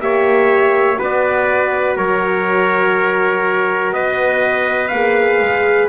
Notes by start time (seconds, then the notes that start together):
0.00 A#3 G4 C#5 E5
0.96 B3 F#4 B4
1.03 D5
1.97 F#3 A#4 C#5
3.93 B3 B4 D#5
4.88 A#3 G#4 F5
5.41 G#3